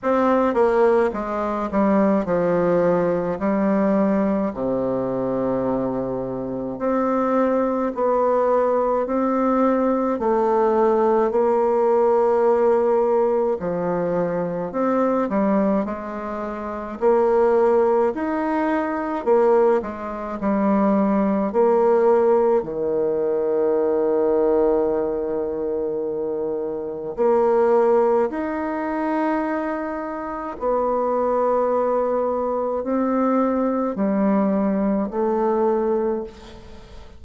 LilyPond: \new Staff \with { instrumentName = "bassoon" } { \time 4/4 \tempo 4 = 53 c'8 ais8 gis8 g8 f4 g4 | c2 c'4 b4 | c'4 a4 ais2 | f4 c'8 g8 gis4 ais4 |
dis'4 ais8 gis8 g4 ais4 | dis1 | ais4 dis'2 b4~ | b4 c'4 g4 a4 | }